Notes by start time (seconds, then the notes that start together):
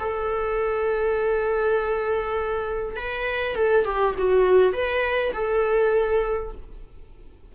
0.00 A4
2.97 B4
3.56 A4
3.86 G4
4.19 F#4
4.73 B4
5.34 A4